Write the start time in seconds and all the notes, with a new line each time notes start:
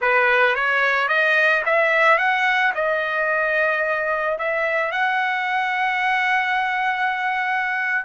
0.01 B4
0.55 C#5
1.08 D#5
1.65 E5
2.18 F#5
2.74 D#5
4.38 E5
4.91 F#5